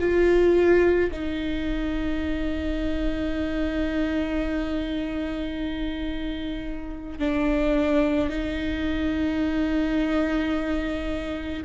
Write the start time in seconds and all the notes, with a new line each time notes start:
0.00 F4
1.12 D#4
7.19 D4
8.30 D#4